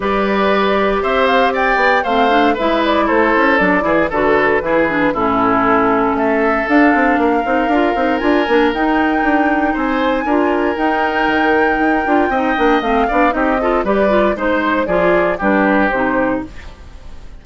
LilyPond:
<<
  \new Staff \with { instrumentName = "flute" } { \time 4/4 \tempo 4 = 117 d''2 e''8 f''8 g''4 | f''4 e''8 d''8 c''4 d''4 | b'2 a'2 | e''4 f''2. |
gis''4 g''2 gis''4~ | gis''4 g''2.~ | g''4 f''4 dis''4 d''4 | c''4 d''4 b'4 c''4 | }
  \new Staff \with { instrumentName = "oboe" } { \time 4/4 b'2 c''4 d''4 | c''4 b'4 a'4. gis'8 | a'4 gis'4 e'2 | a'2 ais'2~ |
ais'2. c''4 | ais'1 | dis''4. d''8 g'8 a'8 b'4 | c''4 gis'4 g'2 | }
  \new Staff \with { instrumentName = "clarinet" } { \time 4/4 g'1 | c'8 d'8 e'2 d'8 e'8 | fis'4 e'8 d'8 cis'2~ | cis'4 d'4. dis'8 f'8 dis'8 |
f'8 d'8 dis'2. | f'4 dis'2~ dis'8 f'8 | dis'8 d'8 c'8 d'8 dis'8 f'8 g'8 f'8 | dis'4 f'4 d'4 dis'4 | }
  \new Staff \with { instrumentName = "bassoon" } { \time 4/4 g2 c'4. b8 | a4 gis4 a8 cis'8 fis8 e8 | d4 e4 a,2 | a4 d'8 c'8 ais8 c'8 d'8 c'8 |
d'8 ais8 dis'4 d'4 c'4 | d'4 dis'4 dis4 dis'8 d'8 | c'8 ais8 a8 b8 c'4 g4 | gis4 f4 g4 c4 | }
>>